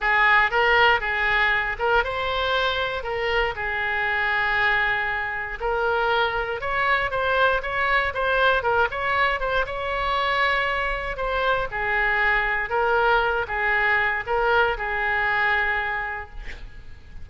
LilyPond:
\new Staff \with { instrumentName = "oboe" } { \time 4/4 \tempo 4 = 118 gis'4 ais'4 gis'4. ais'8 | c''2 ais'4 gis'4~ | gis'2. ais'4~ | ais'4 cis''4 c''4 cis''4 |
c''4 ais'8 cis''4 c''8 cis''4~ | cis''2 c''4 gis'4~ | gis'4 ais'4. gis'4. | ais'4 gis'2. | }